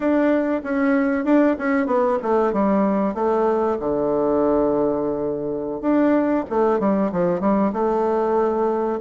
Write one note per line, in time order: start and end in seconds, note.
0.00 0.61 D4
0.63 1.24 C#4
1.24 1.56 D4
1.58 1.86 C#4
1.86 2.18 B3
2.22 2.52 A3
2.52 3.14 G3
3.14 3.77 A3
3.79 5.81 D3
5.81 6.44 D4
6.49 6.79 A3
6.79 7.11 G3
7.12 7.40 F3
7.40 7.72 G3
7.73 8.99 A3